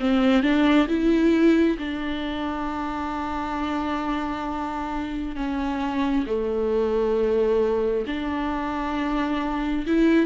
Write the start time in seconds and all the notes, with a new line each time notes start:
0.00 C4
0.43 D4
0.88 E4
1.78 D4
5.36 C#4
6.26 A3
8.07 D4
9.87 E4